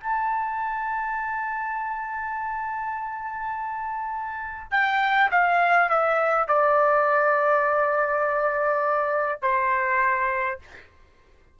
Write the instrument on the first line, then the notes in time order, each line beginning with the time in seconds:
trumpet
0.00 A5
4.71 G5
5.30 F5
5.89 E5
6.48 D5
9.42 C5